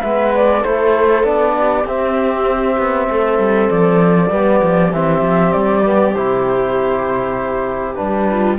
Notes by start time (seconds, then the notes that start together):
0.00 G#3 B3 B4 E5
0.35 D5
0.61 A3 E4 A4 C5
1.24 B3 D4 D5
1.59 G4
1.85 C4 E5
2.78 B3
3.10 A3 A4
3.39 G3
3.70 F3 D5
4.31 G3 B3 G4
4.64 F3
4.93 E3 C4 E5
5.22 F3
5.53 G3 D5
5.84 B3
6.15 C3 E4 C5
7.95 G3 D4 B4
8.32 F4